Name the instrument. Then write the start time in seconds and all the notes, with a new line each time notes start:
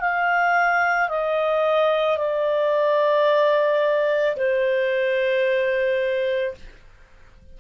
clarinet
0.00 F5
1.09 D#5
2.18 D5
4.36 C5